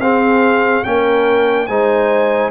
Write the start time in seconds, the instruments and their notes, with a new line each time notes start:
0.00 tuba C4, trombone C4, horn G#4, trumpet F5
0.84 tuba A#3, trombone C#4, horn A#4, trumpet G5
1.67 tuba G#3, trombone D#4, horn C5, trumpet G#5